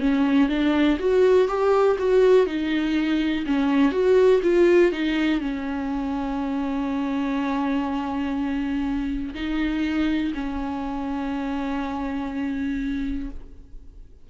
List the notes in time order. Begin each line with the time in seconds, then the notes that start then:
0.00 C#4
0.49 D4
0.99 F#4
1.48 G4
1.99 F#4
2.46 D#4
3.46 C#4
3.92 F#4
4.43 F4
4.92 D#4
5.41 C#4
9.34 D#4
10.35 C#4